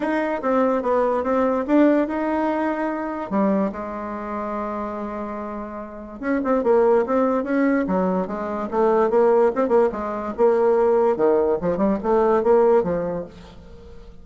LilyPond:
\new Staff \with { instrumentName = "bassoon" } { \time 4/4 \tempo 4 = 145 dis'4 c'4 b4 c'4 | d'4 dis'2. | g4 gis2.~ | gis2. cis'8 c'8 |
ais4 c'4 cis'4 fis4 | gis4 a4 ais4 c'8 ais8 | gis4 ais2 dis4 | f8 g8 a4 ais4 f4 | }